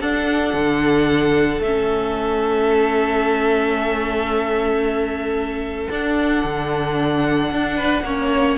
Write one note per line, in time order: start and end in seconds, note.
0.00 0.53 D4
0.00 1.63 D4
0.00 7.76 A4
0.00 1.61 F#5
0.53 1.59 D3
1.59 5.88 A3
1.59 5.91 C#4
1.59 5.91 E5
5.90 6.43 D4
5.90 8.05 D4
5.90 8.58 F#5
6.44 7.51 D3
7.51 8.02 D4
7.76 8.03 B4
8.02 8.56 A#3
8.02 8.58 C#4
8.02 8.58 C#5